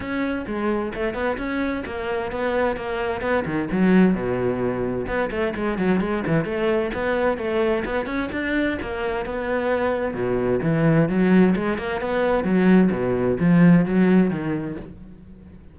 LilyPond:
\new Staff \with { instrumentName = "cello" } { \time 4/4 \tempo 4 = 130 cis'4 gis4 a8 b8 cis'4 | ais4 b4 ais4 b8 dis8 | fis4 b,2 b8 a8 | gis8 fis8 gis8 e8 a4 b4 |
a4 b8 cis'8 d'4 ais4 | b2 b,4 e4 | fis4 gis8 ais8 b4 fis4 | b,4 f4 fis4 dis4 | }